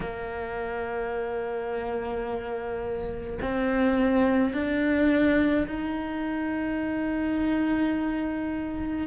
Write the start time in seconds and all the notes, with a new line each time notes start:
0.00 A#3
3.41 C4
4.53 D4
5.67 D#4